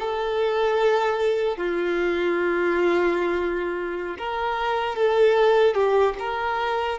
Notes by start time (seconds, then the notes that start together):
0.00 A4
1.57 F4
4.19 A#4
4.96 A4
5.75 G4
6.19 A#4